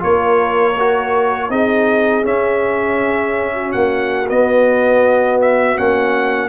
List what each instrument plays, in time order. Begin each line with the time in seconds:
0.00 tuba A#3, trombone F4, horn A#4, trumpet C#5
0.79 trombone F#4
1.50 tuba C4, trombone D#4, horn G#4, trumpet D#5
2.23 trombone C#4, tuba C#4, trumpet E5
3.54 horn F#4
3.72 tuba A#3, trumpet F#5
4.29 trombone B3, tuba B3, trumpet D#5
5.42 trumpet E5
5.77 tuba A#3, trombone C#4, trumpet F#5